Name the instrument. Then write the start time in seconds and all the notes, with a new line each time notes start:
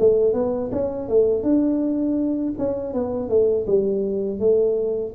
tuba
0.00 A3
0.34 B3
0.72 C#4
1.09 A3
1.43 D4
2.59 C#4
2.94 B3
3.29 A3
3.67 G3
4.40 A3